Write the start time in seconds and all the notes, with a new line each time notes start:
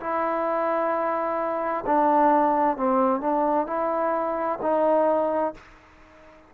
0.00 E4
1.86 D4
2.77 C4
3.21 D4
3.66 E4
4.62 D#4